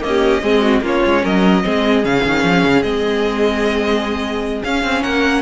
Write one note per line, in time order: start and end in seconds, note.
0.00 0.40 A#3
0.00 0.42 C#4
0.00 0.82 D#5
0.07 0.43 G4
0.42 0.80 G#3
0.42 0.83 C4
0.42 0.62 G#4
0.62 0.82 F#4
0.80 1.00 A#3
0.80 1.62 C#4
0.80 1.23 F4
0.86 1.25 C#5
1.05 1.24 G#3
1.23 1.64 F#3
1.23 1.63 A#4
1.23 2.04 D#5
1.63 2.04 G#3
1.63 2.03 C4
1.63 5.01 G#4
2.04 2.24 C#3
2.04 2.84 C#4
2.04 2.82 F5
2.25 2.43 D#3
2.43 2.63 F3
2.63 2.82 C#3
2.82 4.62 G#3
2.82 4.64 C4
2.82 4.62 D#5
4.63 5.42 C#4
4.63 4.83 C#4
4.63 5.03 F5
4.83 5.03 C4
5.01 5.42 A#3
5.01 5.41 A#4
5.01 5.42 F#5